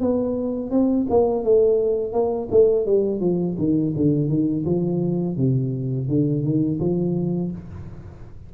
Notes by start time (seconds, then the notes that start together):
0.00 B3
0.70 C4
1.10 A#3
1.44 A3
2.12 A#3
2.51 A3
2.86 G3
3.20 F3
3.58 D#3
3.96 D3
4.29 D#3
4.65 F3
5.37 C3
6.08 D3
6.44 D#3
6.80 F3